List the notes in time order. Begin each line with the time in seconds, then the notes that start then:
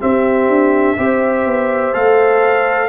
0.00 C4 G4 E5
0.49 D4
0.97 C4 G4 C5
1.46 B3
1.93 A3 A4 F5